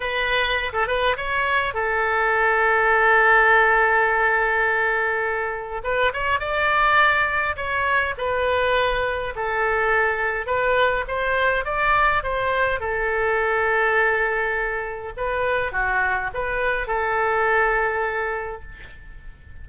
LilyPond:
\new Staff \with { instrumentName = "oboe" } { \time 4/4 \tempo 4 = 103 b'4~ b'16 a'16 b'8 cis''4 a'4~ | a'1~ | a'2 b'8 cis''8 d''4~ | d''4 cis''4 b'2 |
a'2 b'4 c''4 | d''4 c''4 a'2~ | a'2 b'4 fis'4 | b'4 a'2. | }